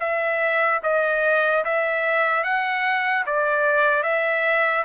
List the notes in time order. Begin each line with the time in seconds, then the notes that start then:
0.00 E5
0.83 D#5
1.65 E5
2.44 F#5
3.26 D5
4.03 E5